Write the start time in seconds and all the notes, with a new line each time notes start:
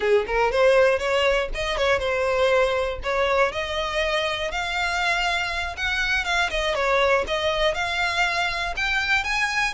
0.00 G#4
0.27 A#4
0.51 C5
0.98 C#5
1.54 D#5
1.77 C#5
1.99 C5
3.03 C#5
3.52 D#5
4.51 F5
5.76 F#5
6.24 F5
6.50 D#5
6.75 C#5
7.27 D#5
7.74 F5
8.76 G5
9.24 G#5